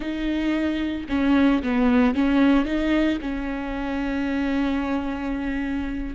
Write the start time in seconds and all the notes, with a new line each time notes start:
0.00 D#4
1.09 C#4
1.62 B3
2.15 C#4
2.65 D#4
3.21 C#4